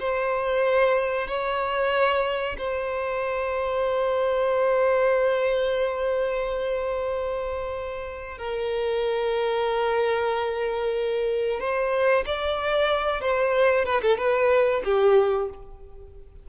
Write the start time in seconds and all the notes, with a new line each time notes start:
0.00 C5
1.28 C#5
2.58 C5
8.38 A#4
11.60 C5
12.26 D5
13.21 C5
13.86 B4
14.02 A4
14.18 B4
14.85 G4